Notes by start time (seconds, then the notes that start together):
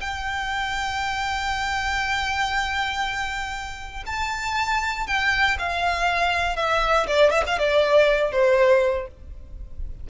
0.00 G5
4.06 A5
5.06 G5
5.58 F5
6.56 E5
7.07 D5
7.30 E5
7.46 F5
7.58 D5
8.31 C5